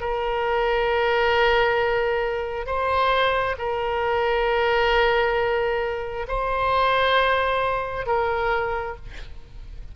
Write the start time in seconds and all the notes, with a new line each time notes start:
0.00 A#4
2.66 C5
3.58 A#4
6.27 C5
8.06 A#4